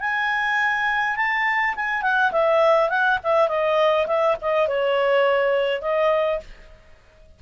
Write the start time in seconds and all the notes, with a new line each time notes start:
0.00 G#5
1.16 A5
1.75 G#5
2.02 F#5
2.32 E5
2.89 F#5
3.23 E5
3.48 D#5
4.07 E5
4.41 D#5
4.68 C#5
5.81 D#5